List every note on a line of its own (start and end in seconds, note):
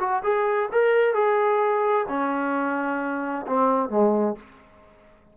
0.00 0.23 F#4
0.24 0.70 G#4
0.73 1.15 A#4
1.15 2.06 G#4
2.09 3.46 C#4
3.47 3.90 C4
3.90 4.36 G#3